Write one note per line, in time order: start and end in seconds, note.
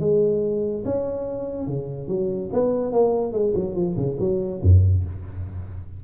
0.00 0.84 G#3
0.85 1.67 C#4
1.67 2.08 C#3
2.08 2.50 F#3
2.53 2.92 B3
2.92 3.33 A#3
3.33 3.54 G#3
3.55 3.75 F#3
3.75 3.96 F3
3.97 4.18 C#3
4.19 4.61 F#3
4.62 5.04 F#2